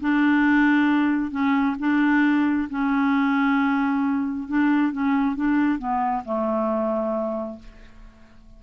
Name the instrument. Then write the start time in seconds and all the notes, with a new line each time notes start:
clarinet
0.00 D4
1.31 C#4
1.79 D4
2.69 C#4
4.48 D4
4.92 C#4
5.35 D4
5.78 B3
6.24 A3